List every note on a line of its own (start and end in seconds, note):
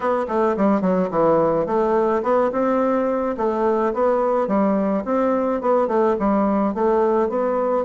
0.00 0.25 B3
0.28 0.56 A3
0.56 0.81 G3
0.81 1.09 F#3
1.10 1.66 E3
1.66 2.22 A3
2.23 2.51 B3
2.51 3.35 C4
3.37 3.93 A3
3.93 4.47 B3
4.47 5.03 G3
5.05 5.61 C4
5.61 5.88 B3
5.88 6.15 A3
6.19 6.74 G3
6.74 7.29 A3
7.29 7.85 B3